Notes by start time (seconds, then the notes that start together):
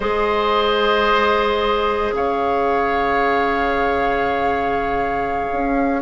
0.00 G#3 G#4 C5 D#5
2.12 C#3 C#5 F5
5.52 C#4